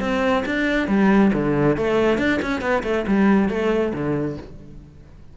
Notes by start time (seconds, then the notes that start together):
0.00 C4
0.45 D4
0.88 G3
1.33 D3
1.77 A3
2.18 D4
2.42 C#4
2.61 B3
2.83 A3
3.07 G3
3.49 A3
3.93 D3